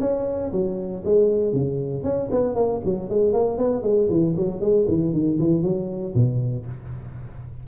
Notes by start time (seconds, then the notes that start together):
0.00 C#4
0.52 F#3
1.05 G#3
1.53 C#3
2.03 C#4
2.31 B3
2.55 A#3
2.85 F#3
3.09 G#3
3.33 A#3
3.58 B3
3.83 G#3
4.10 E3
4.37 F#3
4.61 G#3
4.88 E3
5.13 D#3
5.39 E3
5.63 F#3
6.14 B2